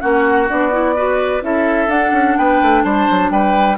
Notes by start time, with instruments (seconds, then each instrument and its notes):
0.00 bassoon A#3, clarinet C#4, oboe F#4, flute F#5
0.47 bassoon B3, clarinet D4, flute D5
0.72 clarinet E4
0.96 clarinet F#4, oboe B4
1.41 bassoon C#4, clarinet E4, oboe A4, flute E5
1.87 bassoon D4, clarinet D4, flute F#5
2.12 bassoon C#4
2.37 bassoon B3, oboe B4, flute G5
2.62 bassoon A3
2.83 bassoon G3, oboe C5, flute A5
3.10 bassoon F#3
3.30 bassoon G3, oboe B4, flute G5